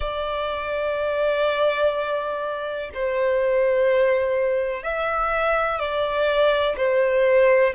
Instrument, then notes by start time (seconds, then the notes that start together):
violin
0.00 D5
2.94 C5
4.83 E5
5.78 D5
6.77 C5